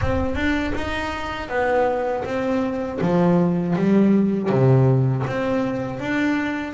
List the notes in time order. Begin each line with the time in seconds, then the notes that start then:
0.01 C4
0.35 D4
0.74 D#4
1.49 B3
2.24 C4
3.01 F3
3.75 G3
4.49 C3
5.27 C4
5.99 D4